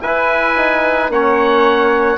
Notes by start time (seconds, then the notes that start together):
0.00 E4 B4 G#5
0.56 D#4
1.09 A#3 C#4 C#5 F#5